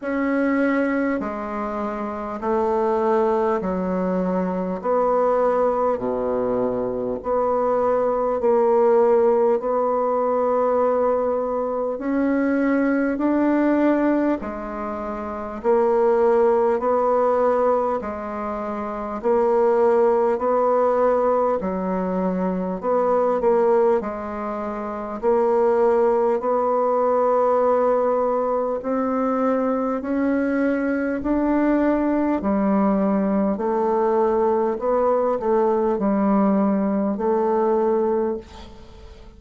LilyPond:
\new Staff \with { instrumentName = "bassoon" } { \time 4/4 \tempo 4 = 50 cis'4 gis4 a4 fis4 | b4 b,4 b4 ais4 | b2 cis'4 d'4 | gis4 ais4 b4 gis4 |
ais4 b4 fis4 b8 ais8 | gis4 ais4 b2 | c'4 cis'4 d'4 g4 | a4 b8 a8 g4 a4 | }